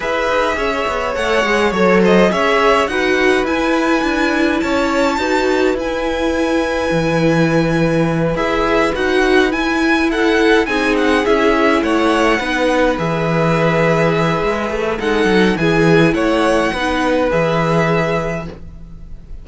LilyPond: <<
  \new Staff \with { instrumentName = "violin" } { \time 4/4 \tempo 4 = 104 e''2 fis''4 cis''8 dis''8 | e''4 fis''4 gis''2 | a''2 gis''2~ | gis''2~ gis''8 e''4 fis''8~ |
fis''8 gis''4 fis''4 gis''8 fis''8 e''8~ | e''8 fis''2 e''4.~ | e''2 fis''4 gis''4 | fis''2 e''2 | }
  \new Staff \with { instrumentName = "violin" } { \time 4/4 b'4 cis''2~ cis''8 c''8 | cis''4 b'2. | cis''4 b'2.~ | b'1~ |
b'4. a'4 gis'4.~ | gis'8 cis''4 b'2~ b'8~ | b'2 a'4 gis'4 | cis''4 b'2. | }
  \new Staff \with { instrumentName = "viola" } { \time 4/4 gis'2 a'8 gis'8 a'4 | gis'4 fis'4 e'2~ | e'4 fis'4 e'2~ | e'2~ e'8 gis'4 fis'8~ |
fis'8 e'2 dis'4 e'8~ | e'4. dis'4 gis'4.~ | gis'2 dis'4 e'4~ | e'4 dis'4 gis'2 | }
  \new Staff \with { instrumentName = "cello" } { \time 4/4 e'8 dis'8 cis'8 b8 a8 gis8 fis4 | cis'4 dis'4 e'4 d'4 | cis'4 dis'4 e'2 | e2~ e8 e'4 dis'8~ |
dis'8 e'2 c'4 cis'8~ | cis'8 a4 b4 e4.~ | e4 gis8 a8 gis8 fis8 e4 | a4 b4 e2 | }
>>